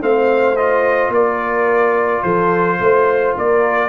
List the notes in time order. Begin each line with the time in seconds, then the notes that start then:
0.00 A3 C4 C5 F5
0.56 F4 D#5
1.08 A#3 A#4 D5
2.22 F3 A4 C5
2.79 A3 C5
3.37 A#3 A#4 D5